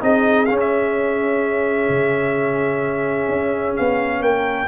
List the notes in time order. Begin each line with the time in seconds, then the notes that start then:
0.00 C4 D#4 G#4 D#5
0.45 C#4 F5
0.60 E5
1.89 C#3
3.28 C#4
3.76 B3 F5
4.20 A#3 A#4 G5